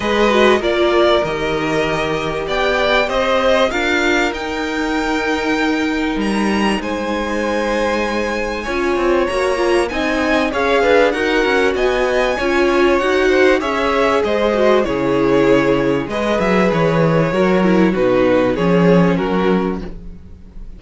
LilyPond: <<
  \new Staff \with { instrumentName = "violin" } { \time 4/4 \tempo 4 = 97 dis''4 d''4 dis''2 | g''4 dis''4 f''4 g''4~ | g''2 ais''4 gis''4~ | gis''2. ais''4 |
gis''4 f''4 fis''4 gis''4~ | gis''4 fis''4 e''4 dis''4 | cis''2 dis''8 e''8 cis''4~ | cis''4 b'4 cis''4 ais'4 | }
  \new Staff \with { instrumentName = "violin" } { \time 4/4 b'4 ais'2. | d''4 c''4 ais'2~ | ais'2. c''4~ | c''2 cis''2 |
dis''4 cis''8 b'8 ais'4 dis''4 | cis''4. c''8 cis''4 c''4 | gis'2 b'2 | ais'4 fis'4 gis'4 fis'4 | }
  \new Staff \with { instrumentName = "viola" } { \time 4/4 gis'8 fis'8 f'4 g'2~ | g'2 f'4 dis'4~ | dis'1~ | dis'2 f'4 fis'8 f'8 |
dis'4 gis'4 fis'2 | f'4 fis'4 gis'4. fis'8 | e'2 gis'2 | fis'8 e'8 dis'4 cis'2 | }
  \new Staff \with { instrumentName = "cello" } { \time 4/4 gis4 ais4 dis2 | b4 c'4 d'4 dis'4~ | dis'2 g4 gis4~ | gis2 cis'8 c'8 ais4 |
c'4 cis'8 d'8 dis'8 cis'8 b4 | cis'4 dis'4 cis'4 gis4 | cis2 gis8 fis8 e4 | fis4 b,4 f4 fis4 | }
>>